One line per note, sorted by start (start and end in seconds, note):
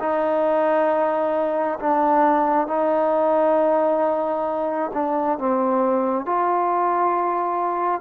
0.00 1.79 D#4
1.80 2.67 D4
2.67 4.91 D#4
4.94 5.39 D4
5.39 6.26 C4
6.26 8.01 F4